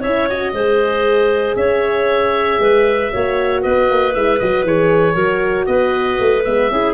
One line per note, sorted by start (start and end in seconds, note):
0.00 0.53 C#4
0.00 0.29 E4
0.00 0.51 C#5
0.00 0.28 E5
0.29 0.55 F#4
0.29 1.56 D#5
0.53 1.55 G#3
0.53 3.11 G#4
0.53 1.57 C5
1.56 2.58 C#4
1.56 2.61 C#5
1.56 3.61 E5
2.59 3.10 G#3
2.59 3.12 B4
3.11 3.65 A#3
3.11 4.14 F#4
3.11 3.62 C#5
3.62 3.90 B3
3.62 5.14 B4
3.62 4.13 D#5
3.90 4.15 A#3
4.13 4.40 G#3
4.13 4.40 E4
4.13 4.39 E5
4.39 4.64 F#3
4.39 4.66 F#4
4.39 4.65 D#5
4.64 5.15 E3
4.64 5.14 G#4
4.64 5.66 C#5
5.14 5.66 F#3
5.14 6.43 F#4
5.14 5.65 A#4
5.66 6.19 B3
5.66 6.72 B4
5.66 6.43 D#5
6.20 6.45 A3
6.44 6.70 G#3
6.44 6.71 B3
6.44 6.94 E5
6.70 6.94 C#4
6.70 6.94 E4
6.70 6.94 G#4